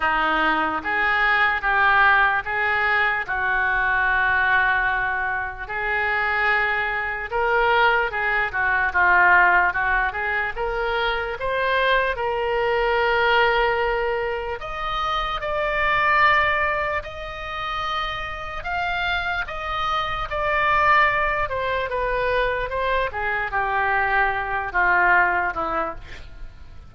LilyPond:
\new Staff \with { instrumentName = "oboe" } { \time 4/4 \tempo 4 = 74 dis'4 gis'4 g'4 gis'4 | fis'2. gis'4~ | gis'4 ais'4 gis'8 fis'8 f'4 | fis'8 gis'8 ais'4 c''4 ais'4~ |
ais'2 dis''4 d''4~ | d''4 dis''2 f''4 | dis''4 d''4. c''8 b'4 | c''8 gis'8 g'4. f'4 e'8 | }